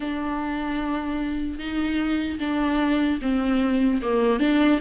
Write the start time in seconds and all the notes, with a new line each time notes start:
0.00 D4
1.58 D#4
2.39 D4
3.21 C4
4.02 A#3
4.39 D4